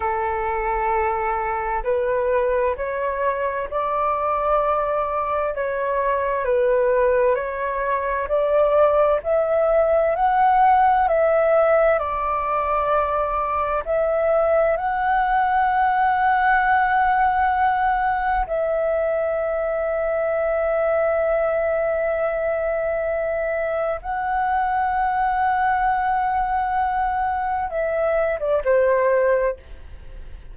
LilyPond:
\new Staff \with { instrumentName = "flute" } { \time 4/4 \tempo 4 = 65 a'2 b'4 cis''4 | d''2 cis''4 b'4 | cis''4 d''4 e''4 fis''4 | e''4 d''2 e''4 |
fis''1 | e''1~ | e''2 fis''2~ | fis''2 e''8. d''16 c''4 | }